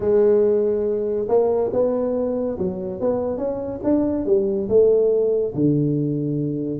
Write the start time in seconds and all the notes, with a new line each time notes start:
0.00 G#3
1.28 A#3
1.72 B3
2.58 F#3
3.00 B3
3.37 C#4
3.83 D4
4.25 G3
4.68 A3
5.54 D3